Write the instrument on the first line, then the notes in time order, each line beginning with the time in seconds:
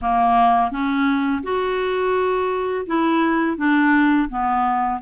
clarinet
0.01 A#3
0.71 C#4
1.43 F#4
2.86 E4
3.57 D4
4.29 B3